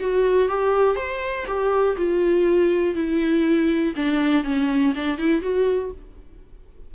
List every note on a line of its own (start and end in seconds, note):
0.00 0.48 F#4
0.48 0.96 G4
0.96 1.46 C5
1.47 1.97 G4
1.97 2.95 F4
2.95 3.94 E4
3.96 4.44 D4
4.44 4.94 C#4
4.95 5.18 D4
5.18 5.42 E4
5.42 5.91 F#4